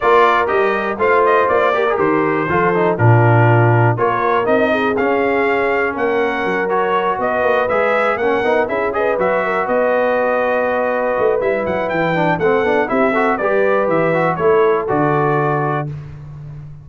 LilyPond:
<<
  \new Staff \with { instrumentName = "trumpet" } { \time 4/4 \tempo 4 = 121 d''4 dis''4 f''8 dis''8 d''4 | c''2 ais'2 | cis''4 dis''4 f''2 | fis''4. cis''4 dis''4 e''8~ |
e''8 fis''4 e''8 dis''8 e''4 dis''8~ | dis''2. e''8 fis''8 | g''4 fis''4 e''4 d''4 | e''4 cis''4 d''2 | }
  \new Staff \with { instrumentName = "horn" } { \time 4/4 ais'2 c''4. ais'8~ | ais'4 a'4 f'2 | ais'4. gis'2~ gis'8 | ais'2~ ais'8 b'4.~ |
b'8 ais'4 gis'8 b'4 ais'8 b'8~ | b'1~ | b'4 a'4 g'8 a'8 b'4~ | b'4 a'2. | }
  \new Staff \with { instrumentName = "trombone" } { \time 4/4 f'4 g'4 f'4. g'16 gis'16 | g'4 f'8 dis'8 d'2 | f'4 dis'4 cis'2~ | cis'4. fis'2 gis'8~ |
gis'8 cis'8 dis'8 e'8 gis'8 fis'4.~ | fis'2. e'4~ | e'8 d'8 c'8 d'8 e'8 fis'8 g'4~ | g'8 fis'8 e'4 fis'2 | }
  \new Staff \with { instrumentName = "tuba" } { \time 4/4 ais4 g4 a4 ais4 | dis4 f4 ais,2 | ais4 c'4 cis'2 | ais4 fis4. b8 ais8 gis8~ |
gis8 ais8 b8 cis'4 fis4 b8~ | b2~ b8 a8 g8 fis8 | e4 a8 b8 c'4 g4 | e4 a4 d2 | }
>>